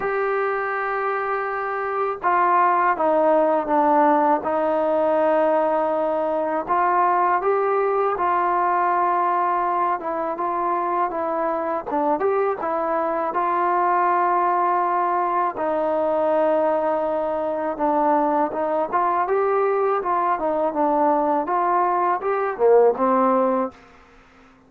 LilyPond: \new Staff \with { instrumentName = "trombone" } { \time 4/4 \tempo 4 = 81 g'2. f'4 | dis'4 d'4 dis'2~ | dis'4 f'4 g'4 f'4~ | f'4. e'8 f'4 e'4 |
d'8 g'8 e'4 f'2~ | f'4 dis'2. | d'4 dis'8 f'8 g'4 f'8 dis'8 | d'4 f'4 g'8 ais8 c'4 | }